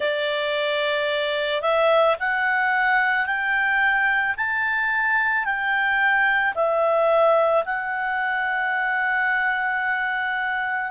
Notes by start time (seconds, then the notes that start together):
0.00 D5
1.61 E5
2.19 F#5
3.26 G5
4.36 A5
5.44 G5
6.55 E5
7.65 F#5